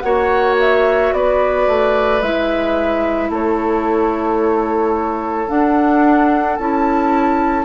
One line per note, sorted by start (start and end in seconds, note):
0.00 1.12 A#3
0.00 2.22 F#4
0.00 1.14 C#5
0.00 0.55 F#5
0.60 1.13 E5
1.12 1.67 B3
1.12 3.30 B4
1.12 2.22 D5
1.67 2.22 A3
2.22 3.30 G#3
2.22 5.48 E4
2.22 3.31 E5
3.30 5.48 A3
3.30 7.65 A4
3.30 5.49 C#5
5.48 6.57 D4
5.48 6.58 D4
5.48 6.57 F#5
6.57 7.65 C#4
6.57 7.65 E4
6.57 7.65 A5